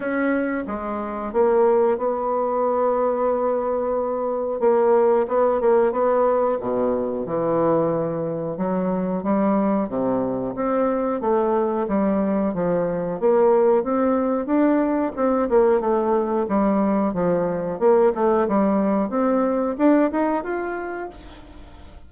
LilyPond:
\new Staff \with { instrumentName = "bassoon" } { \time 4/4 \tempo 4 = 91 cis'4 gis4 ais4 b4~ | b2. ais4 | b8 ais8 b4 b,4 e4~ | e4 fis4 g4 c4 |
c'4 a4 g4 f4 | ais4 c'4 d'4 c'8 ais8 | a4 g4 f4 ais8 a8 | g4 c'4 d'8 dis'8 f'4 | }